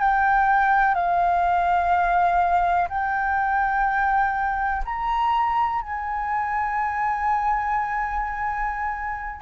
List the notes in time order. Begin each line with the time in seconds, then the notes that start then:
0.00 G5
0.95 F5
2.89 G5
4.85 A#5
5.82 G#5